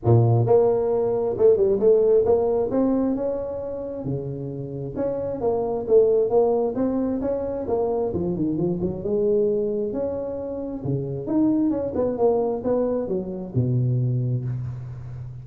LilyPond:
\new Staff \with { instrumentName = "tuba" } { \time 4/4 \tempo 4 = 133 ais,4 ais2 a8 g8 | a4 ais4 c'4 cis'4~ | cis'4 cis2 cis'4 | ais4 a4 ais4 c'4 |
cis'4 ais4 f8 dis8 f8 fis8 | gis2 cis'2 | cis4 dis'4 cis'8 b8 ais4 | b4 fis4 b,2 | }